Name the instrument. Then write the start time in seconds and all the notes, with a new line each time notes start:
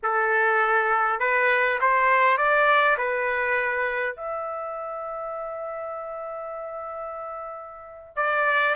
trumpet
0.02 A4
1.19 B4
1.80 C5
2.37 D5
2.97 B4
4.16 E5
8.15 D5